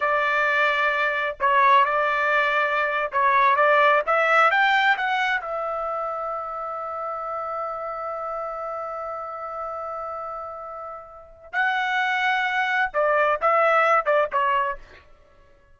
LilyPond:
\new Staff \with { instrumentName = "trumpet" } { \time 4/4 \tempo 4 = 130 d''2. cis''4 | d''2~ d''8. cis''4 d''16~ | d''8. e''4 g''4 fis''4 e''16~ | e''1~ |
e''1~ | e''1~ | e''4 fis''2. | d''4 e''4. d''8 cis''4 | }